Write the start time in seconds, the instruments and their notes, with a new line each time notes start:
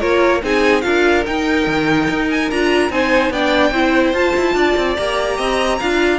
0.00 cello A#3, viola F4, violin A#4 C#5
0.43 cello C4, viola D#4, violin G#4 G#5
0.82 cello D4, viola F4, violin A#4 F5
1.26 cello D#4, viola D#4, violin G5
1.67 cello D#3
2.10 cello D#4
2.30 violin G#5
2.51 cello D4, viola F4, violin A#5
2.90 cello C4, viola D#4, violin C5 G#5
3.30 cello B3, viola D4, violin D5 G5
3.72 cello C4, viola E4, violin C5
4.13 cello F4, viola F4, violin A5
4.37 cello E4
4.54 cello D4, violin D5
4.77 cello C4
4.96 cello A#3, viola G4, violin A#5
5.37 cello C4, violin D#5
5.80 cello D4, viola F4, violin F5